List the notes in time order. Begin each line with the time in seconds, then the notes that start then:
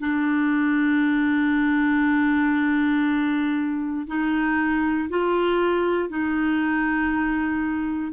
0.00 D4
4.07 D#4
5.09 F4
6.09 D#4